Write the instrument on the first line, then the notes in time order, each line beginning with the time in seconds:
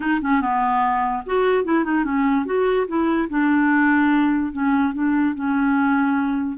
clarinet
0.00 D#4
0.21 C#4
0.41 B3
1.26 F#4
1.64 E4
1.84 D#4
2.04 C#4
2.45 F#4
2.87 E4
3.29 D4
4.52 C#4
4.93 D4
5.34 C#4